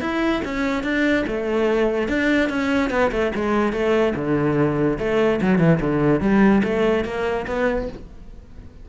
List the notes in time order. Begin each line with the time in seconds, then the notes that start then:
0.00 E4
0.44 C#4
0.83 D4
1.27 A3
2.08 D4
2.49 C#4
2.90 B3
3.11 A3
3.35 G#3
3.72 A3
4.15 D3
4.98 A3
5.41 F#3
5.58 E3
5.80 D3
6.20 G3
6.63 A3
7.04 A#3
7.47 B3